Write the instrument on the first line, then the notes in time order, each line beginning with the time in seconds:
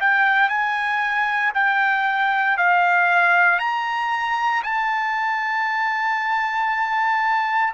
trumpet
0.00 G5
0.49 G#5
1.54 G5
2.57 F5
3.59 A#5
4.63 A5